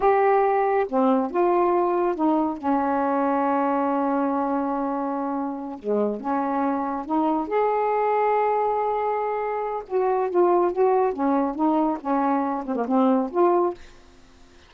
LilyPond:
\new Staff \with { instrumentName = "saxophone" } { \time 4/4 \tempo 4 = 140 g'2 c'4 f'4~ | f'4 dis'4 cis'2~ | cis'1~ | cis'4. gis4 cis'4.~ |
cis'8 dis'4 gis'2~ gis'8~ | gis'2. fis'4 | f'4 fis'4 cis'4 dis'4 | cis'4. c'16 ais16 c'4 f'4 | }